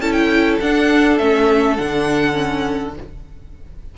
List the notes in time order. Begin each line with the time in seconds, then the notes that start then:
0.00 C#4 E4 A4 A5
0.12 G5
0.61 D4 F#5
1.18 A3 C#4 E5
1.76 D3 D4 F#5
2.32 C#4